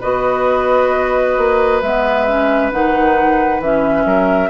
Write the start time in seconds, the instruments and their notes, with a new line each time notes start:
0.00 bassoon B3, clarinet F#4, oboe B4, flute D#5
1.38 bassoon A#3
1.81 bassoon G#3, clarinet B3, flute E5
2.28 clarinet C#4
2.72 bassoon D#3, clarinet D#4, flute F#5
3.60 bassoon E3, clarinet C#4, flute E5
4.05 bassoon F#3, oboe A#4